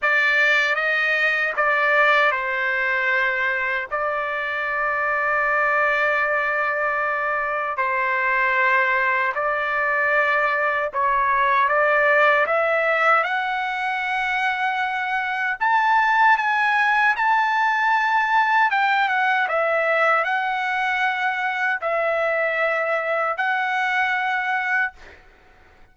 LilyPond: \new Staff \with { instrumentName = "trumpet" } { \time 4/4 \tempo 4 = 77 d''4 dis''4 d''4 c''4~ | c''4 d''2.~ | d''2 c''2 | d''2 cis''4 d''4 |
e''4 fis''2. | a''4 gis''4 a''2 | g''8 fis''8 e''4 fis''2 | e''2 fis''2 | }